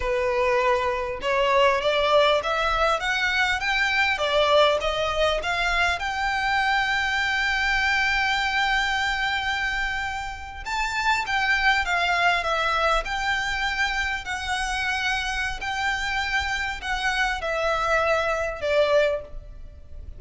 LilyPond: \new Staff \with { instrumentName = "violin" } { \time 4/4 \tempo 4 = 100 b'2 cis''4 d''4 | e''4 fis''4 g''4 d''4 | dis''4 f''4 g''2~ | g''1~ |
g''4.~ g''16 a''4 g''4 f''16~ | f''8. e''4 g''2 fis''16~ | fis''2 g''2 | fis''4 e''2 d''4 | }